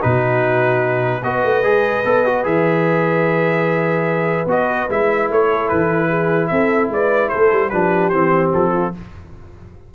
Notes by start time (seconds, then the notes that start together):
0.00 B2 D#4 F#4 B4
1.23 B3 F#4 B4 D#5
1.44 A3
1.64 G#3 G#4
2.05 B3 A4
2.26 F#4
2.44 E3 G#4 E5
4.46 B3 F#4 D#5
4.90 G#3 E4 E5
5.30 A3 C#5
5.49 A4
5.68 E3 B4
6.08 G#4
6.47 C4 A4 E5
6.89 G#3 B4 D5
7.29 A3 A4 C5
7.52 G3
7.70 F3 D4 G4 B4
8.09 E3 C4 C5
8.54 F3 A4
8.73 F4